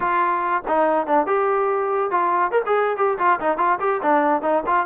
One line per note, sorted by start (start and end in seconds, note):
0.00 0.62 F4
0.67 1.06 D#4
1.06 1.26 D4
1.26 2.10 G4
2.10 2.51 F4
2.51 2.62 A#4
2.66 2.97 G#4
2.97 3.18 G4
3.18 3.39 F4
3.40 3.57 D#4
3.57 3.78 F4
3.80 4.01 G4
4.02 4.42 D4
4.42 4.63 D#4
4.66 4.86 F4